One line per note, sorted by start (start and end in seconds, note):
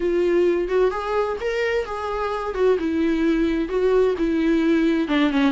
0.00 0.68 F4
0.68 0.90 F#4
0.90 1.37 G#4
1.40 1.85 A#4
1.85 2.54 G#4
2.54 2.77 F#4
2.79 3.68 E4
3.68 4.14 F#4
4.17 5.08 E4
5.08 5.31 D4
5.31 5.52 C#4